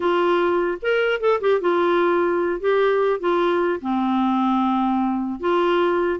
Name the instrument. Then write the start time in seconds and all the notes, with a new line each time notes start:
clarinet
0.00 F4
0.81 A#4
1.20 A4
1.41 G4
1.60 F4
2.60 G4
3.20 F4
3.81 C4
5.40 F4